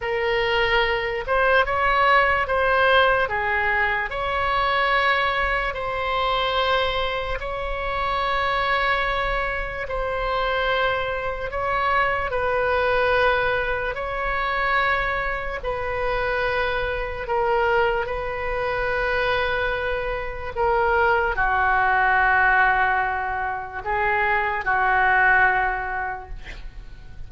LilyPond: \new Staff \with { instrumentName = "oboe" } { \time 4/4 \tempo 4 = 73 ais'4. c''8 cis''4 c''4 | gis'4 cis''2 c''4~ | c''4 cis''2. | c''2 cis''4 b'4~ |
b'4 cis''2 b'4~ | b'4 ais'4 b'2~ | b'4 ais'4 fis'2~ | fis'4 gis'4 fis'2 | }